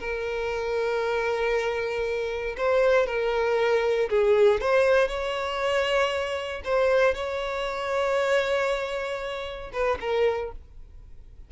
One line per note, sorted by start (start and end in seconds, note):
0.00 2.56 A#4
2.58 3.07 C5
3.07 4.10 A#4
4.10 4.61 G#4
4.61 5.09 C5
5.09 6.62 C#5
6.65 7.15 C5
7.15 9.71 C#5
9.73 9.99 B4
10.01 10.52 A#4